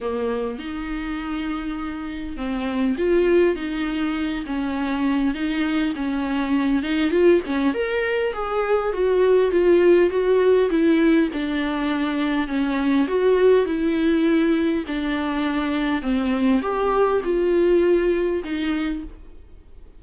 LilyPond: \new Staff \with { instrumentName = "viola" } { \time 4/4 \tempo 4 = 101 ais4 dis'2. | c'4 f'4 dis'4. cis'8~ | cis'4 dis'4 cis'4. dis'8 | f'8 cis'8 ais'4 gis'4 fis'4 |
f'4 fis'4 e'4 d'4~ | d'4 cis'4 fis'4 e'4~ | e'4 d'2 c'4 | g'4 f'2 dis'4 | }